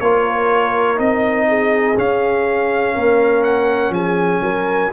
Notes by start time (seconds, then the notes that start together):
0.00 A#3 F4 A#4 C#5
0.96 C4 D#4 D#5
1.48 G#4
1.97 C#4 F5
2.95 A#3 A#4
3.43 F#5
3.90 F3 G#4 G#5
4.41 F#3 A#4